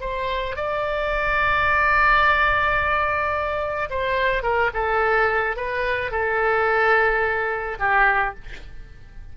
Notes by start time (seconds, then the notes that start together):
0.00 C5
0.56 D5
3.90 C5
4.42 A#4
4.73 A4
5.56 B4
6.11 A4
7.79 G4